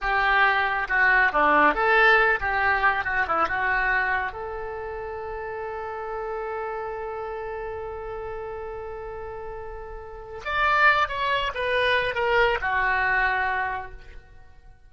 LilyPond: \new Staff \with { instrumentName = "oboe" } { \time 4/4 \tempo 4 = 138 g'2 fis'4 d'4 | a'4. g'4. fis'8 e'8 | fis'2 a'2~ | a'1~ |
a'1~ | a'1 | d''4. cis''4 b'4. | ais'4 fis'2. | }